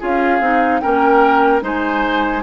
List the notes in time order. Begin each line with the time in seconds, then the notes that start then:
0.00 C#4 F4 G#4 F5
0.40 C4 D#4
0.80 A#3 C#4 A#4 G5
1.61 G#3 D#4 C5 G#5